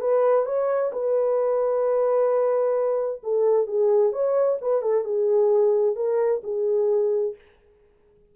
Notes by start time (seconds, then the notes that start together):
0.00 B4
0.45 C#5
0.92 B4
3.23 A4
3.67 G#4
4.12 C#5
4.61 B4
4.82 A4
5.04 G#4
5.95 A#4
6.43 G#4